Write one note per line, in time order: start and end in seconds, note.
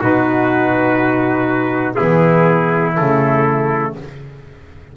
0.00 1.99 B2
0.00 1.96 D#4
0.00 1.96 F#4
0.00 1.95 B4
1.95 2.94 B3
1.95 3.93 E4
1.95 2.94 G#4
2.02 2.99 E3
2.97 3.97 C#3
2.97 3.97 A3
2.97 3.95 A4